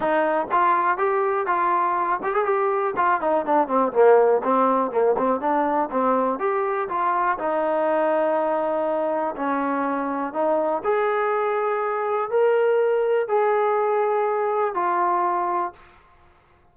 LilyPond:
\new Staff \with { instrumentName = "trombone" } { \time 4/4 \tempo 4 = 122 dis'4 f'4 g'4 f'4~ | f'8 g'16 gis'16 g'4 f'8 dis'8 d'8 c'8 | ais4 c'4 ais8 c'8 d'4 | c'4 g'4 f'4 dis'4~ |
dis'2. cis'4~ | cis'4 dis'4 gis'2~ | gis'4 ais'2 gis'4~ | gis'2 f'2 | }